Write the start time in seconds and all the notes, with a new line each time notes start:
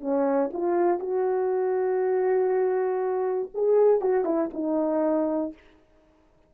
0.00 C#4
0.53 F4
0.99 F#4
3.54 G#4
4.01 F#4
4.24 E4
4.53 D#4